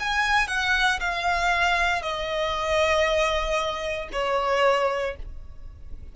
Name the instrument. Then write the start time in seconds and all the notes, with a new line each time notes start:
violin
0.00 G#5
0.48 F#5
1.00 F5
2.02 D#5
4.13 C#5